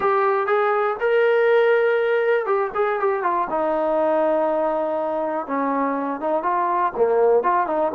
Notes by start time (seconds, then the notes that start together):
0.00 G4
0.47 G#4
1.00 A#4
2.46 G4
2.74 G#4
2.99 G4
3.23 F4
3.50 D#4
5.47 C#4
6.20 D#4
6.43 F4
6.96 A#3
7.43 F4
7.66 D#4